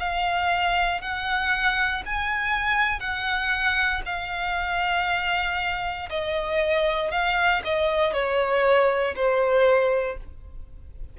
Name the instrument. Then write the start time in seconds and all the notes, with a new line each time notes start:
violin
0.00 F5
1.02 F#5
2.06 G#5
3.00 F#5
4.06 F5
6.10 D#5
7.12 F5
7.65 D#5
8.14 C#5
9.16 C5